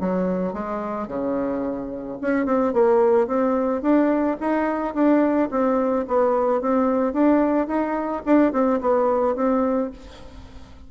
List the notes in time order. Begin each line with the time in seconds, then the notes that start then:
0.00 F#3
0.53 G#3
1.08 C#3
2.21 C#4
2.45 C4
2.73 A#3
3.27 C4
3.82 D4
4.40 D#4
4.94 D4
5.51 C4
6.08 B3
6.61 C4
7.13 D4
7.67 D#4
8.26 D4
8.52 C4
8.81 B3
9.36 C4